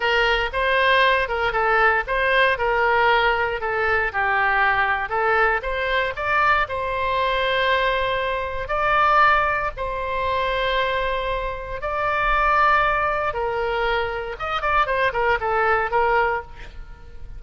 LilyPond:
\new Staff \with { instrumentName = "oboe" } { \time 4/4 \tempo 4 = 117 ais'4 c''4. ais'8 a'4 | c''4 ais'2 a'4 | g'2 a'4 c''4 | d''4 c''2.~ |
c''4 d''2 c''4~ | c''2. d''4~ | d''2 ais'2 | dis''8 d''8 c''8 ais'8 a'4 ais'4 | }